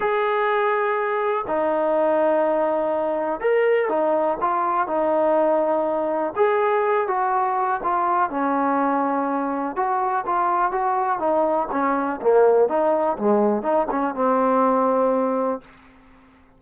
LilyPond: \new Staff \with { instrumentName = "trombone" } { \time 4/4 \tempo 4 = 123 gis'2. dis'4~ | dis'2. ais'4 | dis'4 f'4 dis'2~ | dis'4 gis'4. fis'4. |
f'4 cis'2. | fis'4 f'4 fis'4 dis'4 | cis'4 ais4 dis'4 gis4 | dis'8 cis'8 c'2. | }